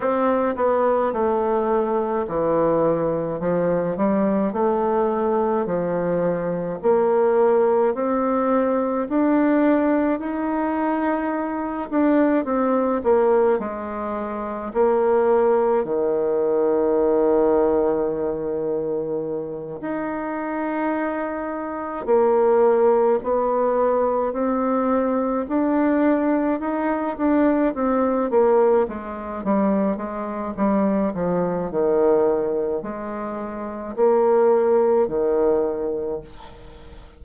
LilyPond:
\new Staff \with { instrumentName = "bassoon" } { \time 4/4 \tempo 4 = 53 c'8 b8 a4 e4 f8 g8 | a4 f4 ais4 c'4 | d'4 dis'4. d'8 c'8 ais8 | gis4 ais4 dis2~ |
dis4. dis'2 ais8~ | ais8 b4 c'4 d'4 dis'8 | d'8 c'8 ais8 gis8 g8 gis8 g8 f8 | dis4 gis4 ais4 dis4 | }